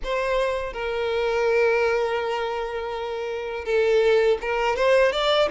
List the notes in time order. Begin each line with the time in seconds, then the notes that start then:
0.03 C5
0.73 A#4
3.64 A4
4.41 A#4
4.76 C5
5.12 D5